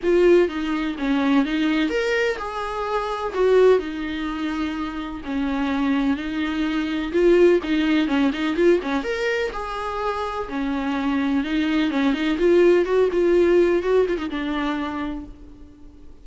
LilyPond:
\new Staff \with { instrumentName = "viola" } { \time 4/4 \tempo 4 = 126 f'4 dis'4 cis'4 dis'4 | ais'4 gis'2 fis'4 | dis'2. cis'4~ | cis'4 dis'2 f'4 |
dis'4 cis'8 dis'8 f'8 cis'8 ais'4 | gis'2 cis'2 | dis'4 cis'8 dis'8 f'4 fis'8 f'8~ | f'4 fis'8 f'16 dis'16 d'2 | }